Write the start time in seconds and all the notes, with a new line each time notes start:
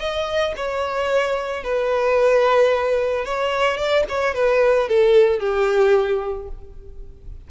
0.00 D#5
0.57 C#5
1.64 B4
3.26 C#5
3.78 D5
4.09 C#5
4.35 B4
4.89 A4
5.40 G4